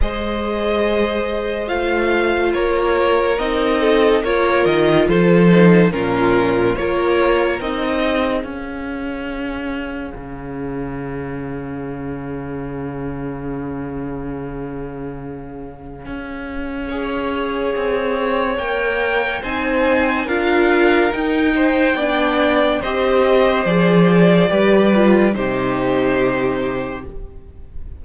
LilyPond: <<
  \new Staff \with { instrumentName = "violin" } { \time 4/4 \tempo 4 = 71 dis''2 f''4 cis''4 | dis''4 cis''8 dis''8 c''4 ais'4 | cis''4 dis''4 f''2~ | f''1~ |
f''1~ | f''2 g''4 gis''4 | f''4 g''2 dis''4 | d''2 c''2 | }
  \new Staff \with { instrumentName = "violin" } { \time 4/4 c''2. ais'4~ | ais'8 a'8 ais'4 a'4 f'4 | ais'4. gis'2~ gis'8~ | gis'1~ |
gis'1 | cis''2. c''4 | ais'4. c''8 d''4 c''4~ | c''4 b'4 g'2 | }
  \new Staff \with { instrumentName = "viola" } { \time 4/4 gis'2 f'2 | dis'4 f'4. dis'8 cis'4 | f'4 dis'4 cis'2~ | cis'1~ |
cis'1 | gis'2 ais'4 dis'4 | f'4 dis'4 d'4 g'4 | gis'4 g'8 f'8 dis'2 | }
  \new Staff \with { instrumentName = "cello" } { \time 4/4 gis2 a4 ais4 | c'4 ais8 dis8 f4 ais,4 | ais4 c'4 cis'2 | cis1~ |
cis2. cis'4~ | cis'4 c'4 ais4 c'4 | d'4 dis'4 b4 c'4 | f4 g4 c2 | }
>>